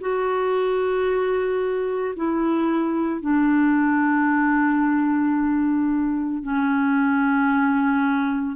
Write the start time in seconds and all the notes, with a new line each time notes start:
0.00 F#4
2.16 E4
3.21 D4
6.42 C#4